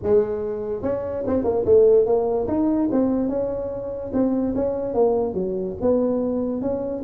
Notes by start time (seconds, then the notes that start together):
0.02 G#3
0.82 C#4
1.26 C4
1.44 A#3
1.65 A3
2.06 A#3
2.47 D#4
2.91 C4
3.28 C#4
4.13 C4
4.55 C#4
4.94 A#3
5.34 F#3
5.81 B3
6.61 C#4